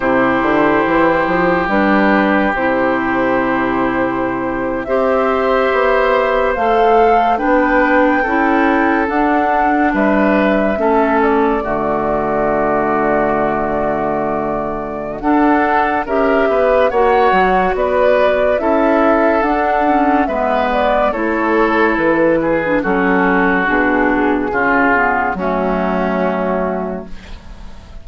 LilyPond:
<<
  \new Staff \with { instrumentName = "flute" } { \time 4/4 \tempo 4 = 71 c''2 b'4 c''4~ | c''4.~ c''16 e''2 f''16~ | f''8. g''2 fis''4 e''16~ | e''4~ e''16 d''2~ d''8.~ |
d''2 fis''4 e''4 | fis''4 d''4 e''4 fis''4 | e''8 d''8 cis''4 b'4 a'4 | gis'2 fis'2 | }
  \new Staff \with { instrumentName = "oboe" } { \time 4/4 g'1~ | g'4.~ g'16 c''2~ c''16~ | c''8. b'4 a'2 b'16~ | b'8. a'4 fis'2~ fis'16~ |
fis'2 a'4 ais'8 b'8 | cis''4 b'4 a'2 | b'4 a'4. gis'8 fis'4~ | fis'4 f'4 cis'2 | }
  \new Staff \with { instrumentName = "clarinet" } { \time 4/4 e'2 d'4 e'4~ | e'4.~ e'16 g'2 a'16~ | a'8. d'4 e'4 d'4~ d'16~ | d'8. cis'4 a2~ a16~ |
a2 d'4 g'4 | fis'2 e'4 d'8 cis'8 | b4 e'4.~ e'16 d'16 cis'4 | d'4 cis'8 b8 a2 | }
  \new Staff \with { instrumentName = "bassoon" } { \time 4/4 c8 d8 e8 f8 g4 c4~ | c4.~ c16 c'4 b4 a16~ | a8. b4 cis'4 d'4 g16~ | g8. a4 d2~ d16~ |
d2 d'4 cis'8 b8 | ais8 fis8 b4 cis'4 d'4 | gis4 a4 e4 fis4 | b,4 cis4 fis2 | }
>>